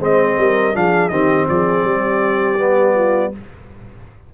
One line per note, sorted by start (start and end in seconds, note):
0.00 0.37 G#3
0.00 0.74 C4
0.00 0.37 C5
0.00 0.76 D#5
0.38 0.75 G3
0.38 0.77 A#4
0.74 1.10 F3
0.74 1.11 D4
0.74 1.11 G#4
0.74 1.09 F5
1.09 1.48 D#3
1.09 2.59 C4
1.09 1.48 G4
1.09 1.46 D#5
1.49 1.85 F3
1.49 1.88 G#4
1.49 3.34 D5
1.85 3.33 G3
1.85 2.95 G4
2.59 3.33 B3
2.95 3.32 F4